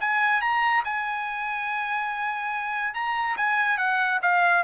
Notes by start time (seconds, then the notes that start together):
0.00 G#5
0.41 A#5
0.84 G#5
2.94 A#5
3.36 G#5
3.77 F#5
4.22 F5